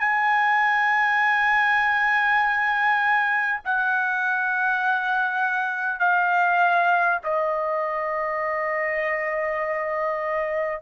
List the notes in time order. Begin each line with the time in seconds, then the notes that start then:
0.00 G#5
3.64 F#5
5.99 F5
7.24 D#5